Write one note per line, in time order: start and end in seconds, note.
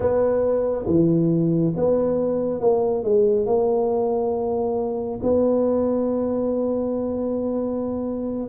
0.00 0.85 B3
0.86 1.73 E3
1.76 2.60 B3
2.60 3.03 A#3
3.03 3.46 G#3
3.46 5.20 A#3
5.23 8.49 B3